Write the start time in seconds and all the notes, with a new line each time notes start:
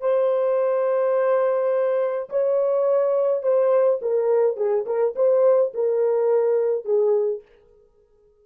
0.00 C5
2.29 C#5
3.43 C5
4.01 A#4
4.56 G#4
4.86 A#4
5.15 C5
5.74 A#4
6.84 G#4